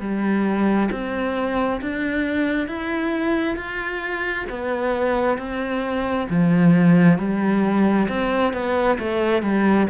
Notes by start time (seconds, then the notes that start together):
0.00 G3
0.91 C4
1.81 D4
2.67 E4
3.56 F4
4.49 B3
5.38 C4
6.29 F3
7.18 G3
8.08 C4
8.53 B3
8.99 A3
9.42 G3